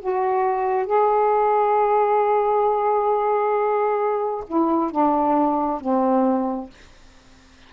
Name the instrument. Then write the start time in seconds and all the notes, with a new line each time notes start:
saxophone
0.00 F#4
0.86 G#4
4.47 E4
4.91 D4
5.80 C4